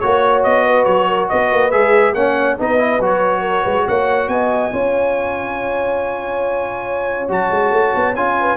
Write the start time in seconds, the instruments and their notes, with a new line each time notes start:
0.00 tuba A#3, trombone F#4, trumpet C#5, horn C#5
0.43 tuba B3, trumpet D#5
0.66 horn B4
0.85 tuba F#3, trumpet C#5
1.08 horn A#4
1.29 tuba B3, horn B4, trumpet D#5
1.52 tuba A#3
1.71 tuba G#3, trombone G#4, trumpet E5
2.14 tuba A#3, trombone C#4, horn C#5, trumpet F#5
2.59 tuba B3, trombone D#4, horn B4, trumpet D#5
2.78 trombone E4
3.00 tuba F#3, trombone F#4, trumpet C#5
3.41 horn A#4
3.62 tuba G#3, horn B4
3.87 tuba A#3, horn C#5, trumpet F#5
4.28 tuba B3, horn D#5, trumpet G#5
4.72 tuba C#4, trombone F4, horn C#5
7.28 tuba F#3, trombone F#4, trumpet A5
7.51 tuba G#3
7.71 tuba A3
7.95 tuba B3
8.16 tuba C#4, trombone F4, trumpet G#5
8.40 horn B4